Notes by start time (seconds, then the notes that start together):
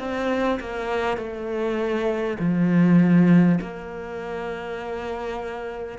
0.00 C4
0.61 A#3
1.18 A3
2.40 F3
3.62 A#3